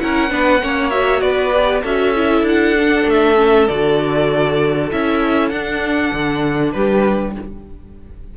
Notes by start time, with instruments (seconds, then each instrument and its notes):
0.00 cello C#4, viola E4, violin A#4 F#5
0.30 cello B3, viola D4, violin B4
0.62 cello A#3, viola C#4, violin C#5
0.90 viola F#4, violin E5
1.21 cello B3, violin B4 D5
1.54 viola G4
1.82 cello C#4, viola F#4, violin A4 E5
2.15 viola E4
2.42 cello D4
2.48 violin F#5
2.80 viola D4
3.07 cello A3, violin E5
3.36 viola C#4
3.68 cello D3, viola F#4, violin D5
4.91 cello C#4, viola E4, violin E5
5.49 cello D4, viola D4, violin F#5
6.13 cello D3
6.72 cello G3, violin G4 B4